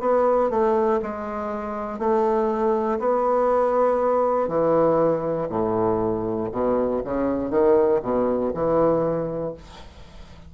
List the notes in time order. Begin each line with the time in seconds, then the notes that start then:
0.00 B3
0.50 A3
1.02 G#3
1.99 A3
2.99 B3
4.47 E3
5.49 A2
6.51 B2
7.04 C#3
7.50 D#3
8.01 B2
8.54 E3